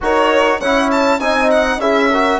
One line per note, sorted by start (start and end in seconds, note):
0.01 0.60 D#4
0.01 0.60 F#4
0.01 0.59 A#4
0.01 0.60 C#5
0.59 1.20 C#4
0.59 1.20 E4
0.59 1.19 C#5
0.59 0.90 F#5
0.91 1.20 A5
1.20 1.77 C4
1.20 1.80 D#4
1.20 1.80 D#5
1.20 1.50 G#5
1.51 1.80 F#5
1.77 2.37 C#4
1.77 2.10 E4
1.77 2.10 G#4
1.77 2.39 E5
2.10 2.39 F#4
2.10 2.39 A#4